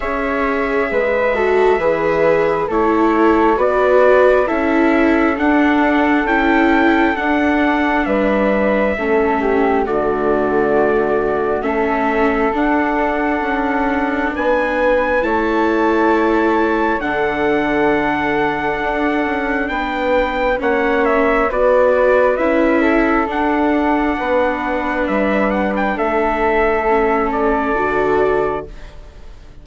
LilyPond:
<<
  \new Staff \with { instrumentName = "trumpet" } { \time 4/4 \tempo 4 = 67 e''2. cis''4 | d''4 e''4 fis''4 g''4 | fis''4 e''2 d''4~ | d''4 e''4 fis''2 |
gis''4 a''2 fis''4~ | fis''2 g''4 fis''8 e''8 | d''4 e''4 fis''2 | e''8 fis''16 g''16 e''4. d''4. | }
  \new Staff \with { instrumentName = "flute" } { \time 4/4 cis''4 b'8 a'8 b'4 a'4 | b'4 a'2.~ | a'4 b'4 a'8 g'8 fis'4~ | fis'4 a'2. |
b'4 cis''2 a'4~ | a'2 b'4 cis''4 | b'4. a'4. b'4~ | b'4 a'2. | }
  \new Staff \with { instrumentName = "viola" } { \time 4/4 gis'4. fis'8 gis'4 e'4 | fis'4 e'4 d'4 e'4 | d'2 cis'4 a4~ | a4 cis'4 d'2~ |
d'4 e'2 d'4~ | d'2. cis'4 | fis'4 e'4 d'2~ | d'2 cis'4 fis'4 | }
  \new Staff \with { instrumentName = "bassoon" } { \time 4/4 cis'4 gis4 e4 a4 | b4 cis'4 d'4 cis'4 | d'4 g4 a4 d4~ | d4 a4 d'4 cis'4 |
b4 a2 d4~ | d4 d'8 cis'8 b4 ais4 | b4 cis'4 d'4 b4 | g4 a2 d4 | }
>>